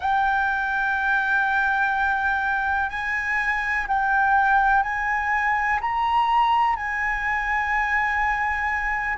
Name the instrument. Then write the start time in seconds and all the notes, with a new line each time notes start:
flute
0.00 G5
2.89 G#5
3.87 G5
4.83 G#5
5.81 A#5
6.75 G#5